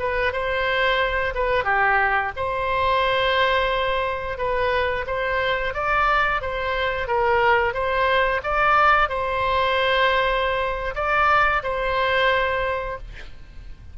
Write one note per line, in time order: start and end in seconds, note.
0.00 0.33 B4
0.33 1.34 C5
1.35 1.65 B4
1.65 2.32 G4
2.37 4.38 C5
4.38 5.06 B4
5.07 5.74 C5
5.74 6.42 D5
6.42 7.08 C5
7.08 7.74 A#4
7.74 8.41 C5
8.44 9.09 D5
9.09 10.95 C5
10.96 11.63 D5
11.63 12.98 C5